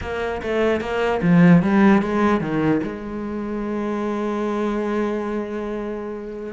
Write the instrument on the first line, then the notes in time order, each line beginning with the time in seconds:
cello
0.01 A#3
0.42 A3
0.80 A#3
1.22 F3
1.62 G3
2.02 G#3
2.40 D#3
2.83 G#3